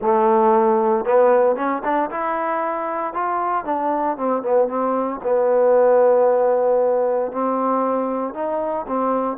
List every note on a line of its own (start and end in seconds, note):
0.01 1.05 A3
1.05 1.56 B3
1.56 1.82 C#4
1.84 2.10 D4
2.10 3.13 E4
3.13 3.65 F4
3.65 4.17 D4
4.17 4.42 C4
4.42 4.68 B3
4.68 5.20 C4
5.23 7.31 B3
7.31 8.33 C4
8.33 8.86 D#4
8.87 9.37 C4